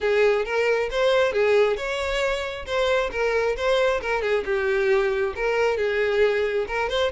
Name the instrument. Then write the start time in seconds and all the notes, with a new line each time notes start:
violin
0.00 G#4
0.45 A#4
0.90 C5
1.32 G#4
1.76 C#5
2.65 C5
3.11 A#4
3.56 C5
4.01 A#4
4.21 G#4
4.45 G4
5.35 A#4
5.77 G#4
6.67 A#4
6.89 C5